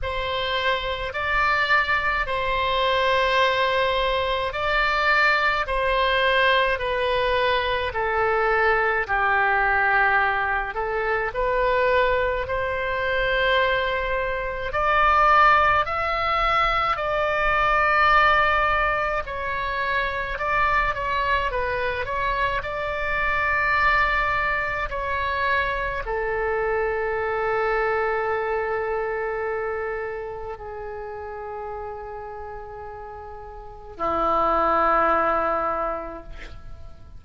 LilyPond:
\new Staff \with { instrumentName = "oboe" } { \time 4/4 \tempo 4 = 53 c''4 d''4 c''2 | d''4 c''4 b'4 a'4 | g'4. a'8 b'4 c''4~ | c''4 d''4 e''4 d''4~ |
d''4 cis''4 d''8 cis''8 b'8 cis''8 | d''2 cis''4 a'4~ | a'2. gis'4~ | gis'2 e'2 | }